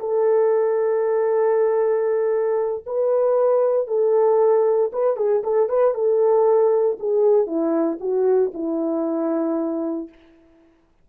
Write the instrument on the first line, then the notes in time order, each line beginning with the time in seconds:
horn
0.00 A4
2.86 B4
3.88 A4
4.93 B4
5.17 G#4
5.43 A4
5.69 B4
5.94 A4
7.00 G#4
7.46 E4
8.00 F#4
8.54 E4